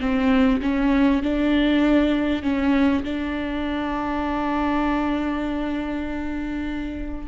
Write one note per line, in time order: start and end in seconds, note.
0.00 0.61 C4
0.62 1.23 C#4
1.23 2.43 D4
2.43 3.03 C#4
3.04 7.28 D4